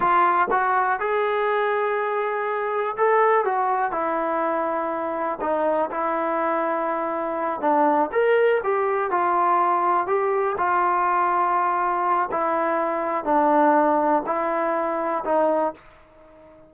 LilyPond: \new Staff \with { instrumentName = "trombone" } { \time 4/4 \tempo 4 = 122 f'4 fis'4 gis'2~ | gis'2 a'4 fis'4 | e'2. dis'4 | e'2.~ e'8 d'8~ |
d'8 ais'4 g'4 f'4.~ | f'8 g'4 f'2~ f'8~ | f'4 e'2 d'4~ | d'4 e'2 dis'4 | }